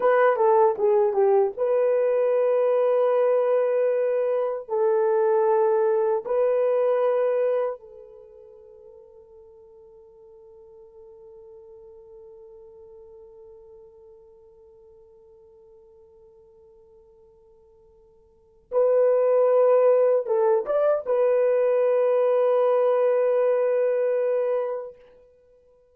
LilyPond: \new Staff \with { instrumentName = "horn" } { \time 4/4 \tempo 4 = 77 b'8 a'8 gis'8 g'8 b'2~ | b'2 a'2 | b'2 a'2~ | a'1~ |
a'1~ | a'1 | b'2 a'8 d''8 b'4~ | b'1 | }